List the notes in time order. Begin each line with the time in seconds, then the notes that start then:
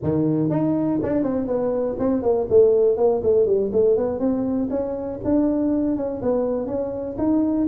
0.02 D#3
0.50 D#4
1.02 D4
1.23 C4
1.46 B3
1.99 C4
2.22 A#3
2.49 A3
2.97 A#3
3.23 A3
3.46 G3
3.72 A3
3.97 B3
4.19 C4
4.69 C#4
5.24 D4
5.96 C#4
6.22 B3
6.66 C#4
7.18 D#4